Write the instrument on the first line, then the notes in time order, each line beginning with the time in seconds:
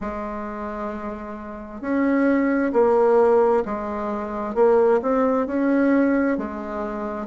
bassoon
0.00 G#3
1.81 C#4
2.72 A#3
3.65 G#3
4.55 A#3
5.02 C4
5.46 C#4
6.37 G#3